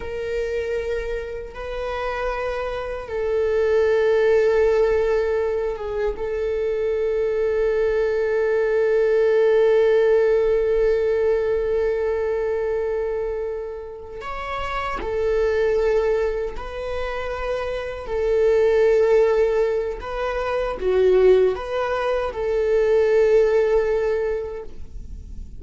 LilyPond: \new Staff \with { instrumentName = "viola" } { \time 4/4 \tempo 4 = 78 ais'2 b'2 | a'2.~ a'8 gis'8 | a'1~ | a'1~ |
a'2~ a'8 cis''4 a'8~ | a'4. b'2 a'8~ | a'2 b'4 fis'4 | b'4 a'2. | }